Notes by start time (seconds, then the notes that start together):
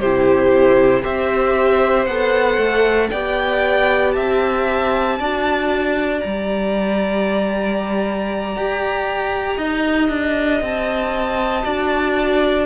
0.00 C3 E4 G4 C5
1.02 C4 G4 C5 E5
2.06 B3 A4 F#5
2.58 A3
3.11 B3 G4 D5 G5
4.13 C4 E5 A5
5.19 D4 F#4 D5
6.20 G3 G4 A#5
8.56 G4
9.58 D#4 D#5
10.09 D4
10.61 C4 A5
11.64 D4 F#4 D5